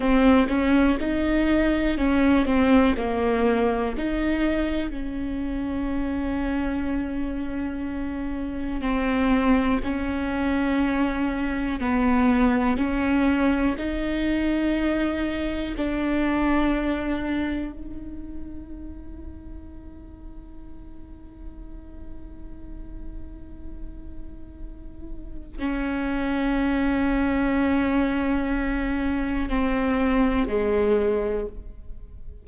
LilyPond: \new Staff \with { instrumentName = "viola" } { \time 4/4 \tempo 4 = 61 c'8 cis'8 dis'4 cis'8 c'8 ais4 | dis'4 cis'2.~ | cis'4 c'4 cis'2 | b4 cis'4 dis'2 |
d'2 dis'2~ | dis'1~ | dis'2 cis'2~ | cis'2 c'4 gis4 | }